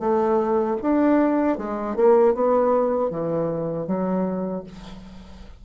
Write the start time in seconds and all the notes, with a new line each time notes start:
0.00 A3
0.82 D4
1.58 G#3
1.96 A#3
2.34 B3
3.10 E3
3.87 F#3